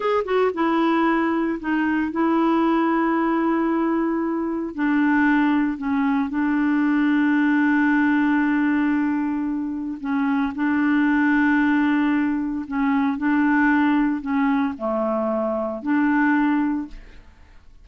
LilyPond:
\new Staff \with { instrumentName = "clarinet" } { \time 4/4 \tempo 4 = 114 gis'8 fis'8 e'2 dis'4 | e'1~ | e'4 d'2 cis'4 | d'1~ |
d'2. cis'4 | d'1 | cis'4 d'2 cis'4 | a2 d'2 | }